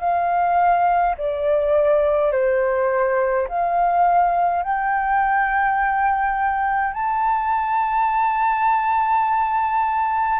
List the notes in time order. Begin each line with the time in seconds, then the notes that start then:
0.00 F5
1.17 D5
2.32 C5
3.48 F5
4.63 G5
6.94 A5